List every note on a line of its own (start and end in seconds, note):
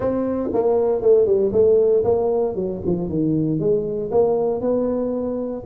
0.00 0.49 C4
0.53 1.01 A#3
1.01 1.26 A3
1.26 1.51 G3
1.52 2.03 A3
2.04 2.55 A#3
2.55 2.81 F#3
2.86 3.08 F3
3.08 3.59 D#3
3.59 4.10 G#3
4.11 4.60 A#3
4.60 5.63 B3